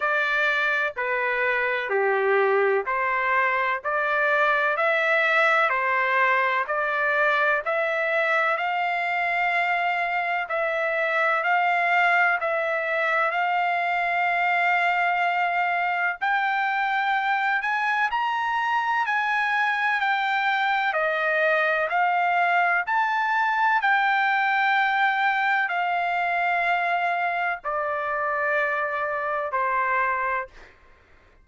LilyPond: \new Staff \with { instrumentName = "trumpet" } { \time 4/4 \tempo 4 = 63 d''4 b'4 g'4 c''4 | d''4 e''4 c''4 d''4 | e''4 f''2 e''4 | f''4 e''4 f''2~ |
f''4 g''4. gis''8 ais''4 | gis''4 g''4 dis''4 f''4 | a''4 g''2 f''4~ | f''4 d''2 c''4 | }